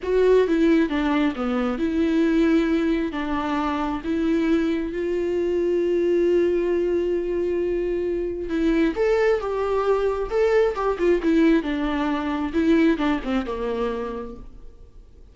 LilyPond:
\new Staff \with { instrumentName = "viola" } { \time 4/4 \tempo 4 = 134 fis'4 e'4 d'4 b4 | e'2. d'4~ | d'4 e'2 f'4~ | f'1~ |
f'2. e'4 | a'4 g'2 a'4 | g'8 f'8 e'4 d'2 | e'4 d'8 c'8 ais2 | }